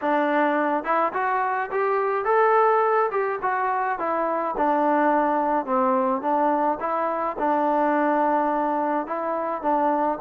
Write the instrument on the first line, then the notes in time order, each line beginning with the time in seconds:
trombone
0.01 D4
0.84 E4
1.13 F#4
1.71 G4
2.25 A4
3.11 G4
3.42 F#4
3.98 E4
4.57 D4
5.65 C4
6.21 D4
6.80 E4
7.38 D4
9.06 E4
9.61 D4